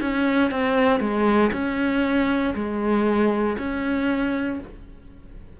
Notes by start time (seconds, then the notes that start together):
0.00 C#4
0.50 C4
0.99 G#3
1.52 C#4
2.55 G#3
3.57 C#4